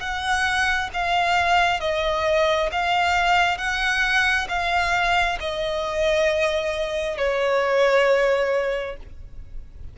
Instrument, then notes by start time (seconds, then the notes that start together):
violin
0.00 F#5
0.94 F5
1.80 D#5
2.72 F5
3.58 F#5
4.49 F5
5.40 D#5
7.18 C#5